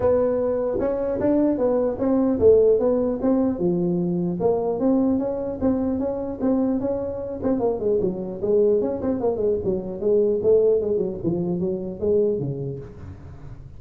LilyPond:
\new Staff \with { instrumentName = "tuba" } { \time 4/4 \tempo 4 = 150 b2 cis'4 d'4 | b4 c'4 a4 b4 | c'4 f2 ais4 | c'4 cis'4 c'4 cis'4 |
c'4 cis'4. c'8 ais8 gis8 | fis4 gis4 cis'8 c'8 ais8 gis8 | fis4 gis4 a4 gis8 fis8 | f4 fis4 gis4 cis4 | }